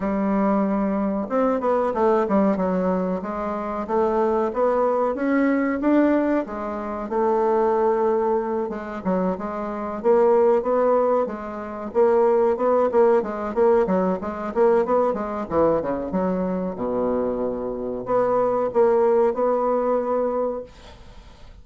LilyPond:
\new Staff \with { instrumentName = "bassoon" } { \time 4/4 \tempo 4 = 93 g2 c'8 b8 a8 g8 | fis4 gis4 a4 b4 | cis'4 d'4 gis4 a4~ | a4. gis8 fis8 gis4 ais8~ |
ais8 b4 gis4 ais4 b8 | ais8 gis8 ais8 fis8 gis8 ais8 b8 gis8 | e8 cis8 fis4 b,2 | b4 ais4 b2 | }